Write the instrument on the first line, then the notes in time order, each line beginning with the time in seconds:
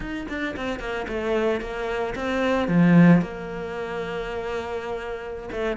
cello
0.00 D#4
0.28 D4
0.56 C4
0.79 A#3
1.08 A3
1.60 A#3
2.15 C4
2.68 F3
3.21 A#3
5.52 A3